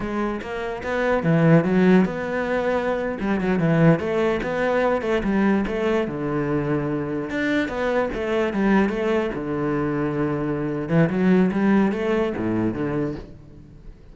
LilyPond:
\new Staff \with { instrumentName = "cello" } { \time 4/4 \tempo 4 = 146 gis4 ais4 b4 e4 | fis4 b2~ b8. g16~ | g16 fis8 e4 a4 b4~ b16~ | b16 a8 g4 a4 d4~ d16~ |
d4.~ d16 d'4 b4 a16~ | a8. g4 a4 d4~ d16~ | d2~ d8 e8 fis4 | g4 a4 a,4 d4 | }